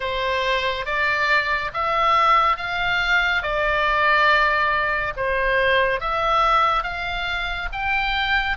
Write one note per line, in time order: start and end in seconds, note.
0.00 0.85 C5
0.85 1.71 D5
1.73 2.56 E5
2.56 3.42 F5
3.42 5.14 D5
5.16 6.00 C5
6.00 6.83 E5
6.83 7.68 F5
7.72 8.57 G5